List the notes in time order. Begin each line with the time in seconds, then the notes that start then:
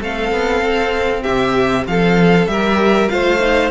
0.00 A3 C4 A4 F5
0.32 B3
0.62 C4
1.23 C3 G4 E5
1.87 F3 A4 F5
2.47 G3 G4 A#4 E5
3.08 A3 F4 C5 F5
3.40 D#4